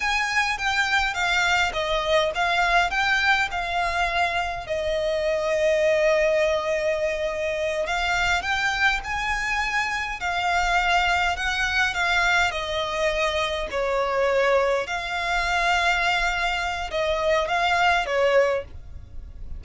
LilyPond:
\new Staff \with { instrumentName = "violin" } { \time 4/4 \tempo 4 = 103 gis''4 g''4 f''4 dis''4 | f''4 g''4 f''2 | dis''1~ | dis''4. f''4 g''4 gis''8~ |
gis''4. f''2 fis''8~ | fis''8 f''4 dis''2 cis''8~ | cis''4. f''2~ f''8~ | f''4 dis''4 f''4 cis''4 | }